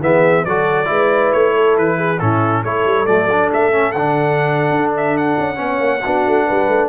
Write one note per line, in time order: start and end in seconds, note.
0.00 0.44 E3
0.00 0.46 B3
0.00 0.46 G#4
0.00 0.45 E5
0.45 0.89 F#3
0.45 0.85 F#4
0.45 0.89 A4
0.45 1.32 D5
0.85 1.32 G#3
0.85 2.16 E4
0.85 1.54 B4
1.32 1.77 A3
1.32 1.76 C#5
1.54 1.97 A4
1.77 2.21 E3
1.77 2.19 B4
1.97 2.19 G#4
2.19 2.63 A2
2.19 2.65 C#4
2.19 2.63 E4
2.19 2.63 A4
2.63 2.85 A3
2.63 3.06 E4
2.63 5.59 A4
2.63 3.06 C#5
2.85 3.07 G3
3.06 3.51 F#3
3.06 3.28 A3
3.06 3.49 D5
3.31 3.71 D4
3.52 3.94 A3
3.52 3.92 E5
3.71 3.93 C#4
3.92 4.70 D3
3.92 5.55 D4
3.92 4.90 F#5
4.70 5.35 D4
4.97 5.17 E5
5.17 6.89 F#5
5.38 5.58 C#4
5.55 5.79 B3
5.55 5.99 C#4
5.61 6.02 C#5
5.79 6.01 A#3
6.02 6.26 B3
6.02 6.89 D4
6.02 6.46 F#4
6.26 6.48 A3
6.46 6.68 G3
6.46 6.89 B4
6.68 6.89 A3